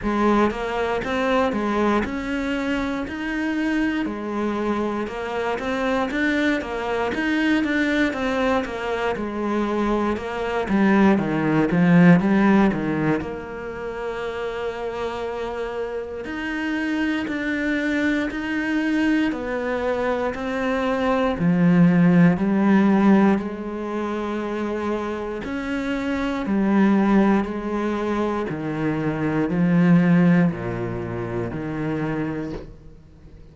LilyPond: \new Staff \with { instrumentName = "cello" } { \time 4/4 \tempo 4 = 59 gis8 ais8 c'8 gis8 cis'4 dis'4 | gis4 ais8 c'8 d'8 ais8 dis'8 d'8 | c'8 ais8 gis4 ais8 g8 dis8 f8 | g8 dis8 ais2. |
dis'4 d'4 dis'4 b4 | c'4 f4 g4 gis4~ | gis4 cis'4 g4 gis4 | dis4 f4 ais,4 dis4 | }